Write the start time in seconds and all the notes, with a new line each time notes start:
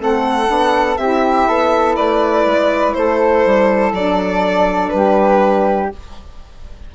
0.00 A3 C4 A4 F#5
0.47 B3 D4
0.97 C4 E4 G4 E5
1.48 B3 A4
1.96 A3 B4 D5
2.45 G#3
2.94 A3 A4 C5
3.45 G3
3.92 F#3 D4 D5
4.90 G3 B4
4.96 G4